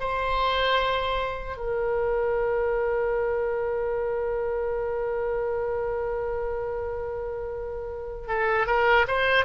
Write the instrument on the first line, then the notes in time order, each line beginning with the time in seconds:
oboe
0.00 C5
1.57 A#4
8.28 A4
8.67 A#4
9.08 C5